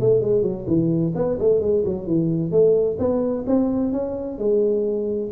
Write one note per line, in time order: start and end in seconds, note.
0.00 0.21 A3
0.21 0.43 G#3
0.43 0.66 F#3
0.67 1.13 E3
1.15 1.38 B3
1.39 1.61 A3
1.61 1.84 G#3
1.85 2.07 F#3
2.07 2.51 E3
2.51 2.97 A3
2.99 3.45 B3
3.47 3.93 C4
3.93 4.38 C#4
4.38 5.31 G#3